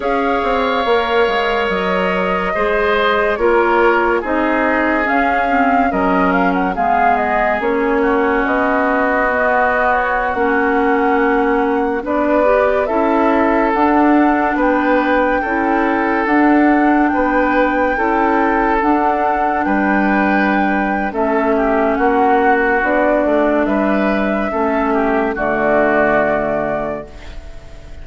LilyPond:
<<
  \new Staff \with { instrumentName = "flute" } { \time 4/4 \tempo 4 = 71 f''2 dis''2 | cis''4 dis''4 f''4 dis''8 f''16 fis''16 | f''8 dis''8 cis''4 dis''4.~ dis''16 cis''16~ | cis''16 fis''2 d''4 e''8.~ |
e''16 fis''4 g''2 fis''8.~ | fis''16 g''2 fis''4 g''8.~ | g''4 e''4 fis''4 d''4 | e''2 d''2 | }
  \new Staff \with { instrumentName = "oboe" } { \time 4/4 cis''2. c''4 | ais'4 gis'2 ais'4 | gis'4. fis'2~ fis'8~ | fis'2~ fis'16 b'4 a'8.~ |
a'4~ a'16 b'4 a'4.~ a'16~ | a'16 b'4 a'2 b'8.~ | b'4 a'8 g'8 fis'2 | b'4 a'8 g'8 fis'2 | }
  \new Staff \with { instrumentName = "clarinet" } { \time 4/4 gis'4 ais'2 gis'4 | f'4 dis'4 cis'8 c'8 cis'4 | b4 cis'2 b4~ | b16 cis'2 d'8 g'8 e'8.~ |
e'16 d'2 e'4 d'8.~ | d'4~ d'16 e'4 d'4.~ d'16~ | d'4 cis'2 d'4~ | d'4 cis'4 a2 | }
  \new Staff \with { instrumentName = "bassoon" } { \time 4/4 cis'8 c'8 ais8 gis8 fis4 gis4 | ais4 c'4 cis'4 fis4 | gis4 ais4 b2~ | b16 ais2 b4 cis'8.~ |
cis'16 d'4 b4 cis'4 d'8.~ | d'16 b4 cis'4 d'4 g8.~ | g4 a4 ais4 b8 a8 | g4 a4 d2 | }
>>